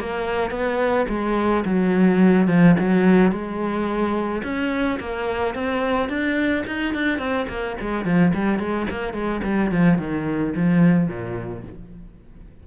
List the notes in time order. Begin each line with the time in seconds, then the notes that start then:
0.00 A#3
0.51 B3
1.09 G#3
1.65 F#3
2.47 F3
2.79 F#3
3.31 G#3
4.43 C#4
5.00 A#3
5.55 C4
6.09 D4
6.67 D#4
6.94 D4
7.19 C4
7.48 A#3
7.81 G#3
8.05 F3
8.34 G3
8.59 G#3
8.90 A#3
9.13 G#3
9.43 G3
9.71 F3
9.98 D#3
10.56 F3
11.08 A#2